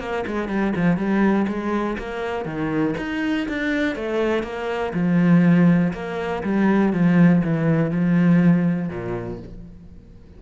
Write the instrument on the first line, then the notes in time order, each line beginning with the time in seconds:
cello
0.00 A#3
0.27 G#3
0.49 G3
0.76 F3
0.97 G3
1.48 G#3
1.99 A#3
2.46 D#3
2.98 D#4
3.49 D4
3.96 A3
4.43 A#3
4.94 F3
5.93 A#3
6.43 G3
6.93 F3
7.44 E3
7.91 F3
8.90 A#2